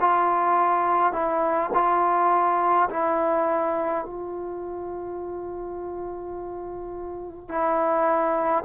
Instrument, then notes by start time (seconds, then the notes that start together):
trombone
0.00 F4
1.12 E4
1.74 F4
2.90 E4
4.05 F4
7.48 E4